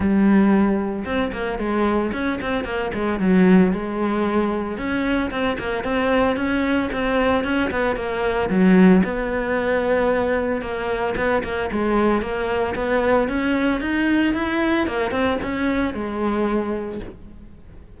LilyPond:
\new Staff \with { instrumentName = "cello" } { \time 4/4 \tempo 4 = 113 g2 c'8 ais8 gis4 | cis'8 c'8 ais8 gis8 fis4 gis4~ | gis4 cis'4 c'8 ais8 c'4 | cis'4 c'4 cis'8 b8 ais4 |
fis4 b2. | ais4 b8 ais8 gis4 ais4 | b4 cis'4 dis'4 e'4 | ais8 c'8 cis'4 gis2 | }